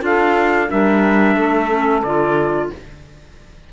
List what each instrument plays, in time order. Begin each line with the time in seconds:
0.00 cello D4, clarinet F4, saxophone A4, trumpet F5
0.70 cello G3, clarinet D4, saxophone A#4, trumpet E5
1.36 cello A3, saxophone A4
1.69 clarinet C#4
2.03 cello D3, clarinet F4, trumpet D5